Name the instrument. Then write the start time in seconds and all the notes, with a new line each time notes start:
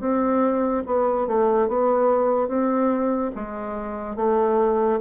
bassoon
0.00 C4
0.86 B3
1.27 A3
1.68 B3
2.48 C4
3.35 G#3
4.16 A3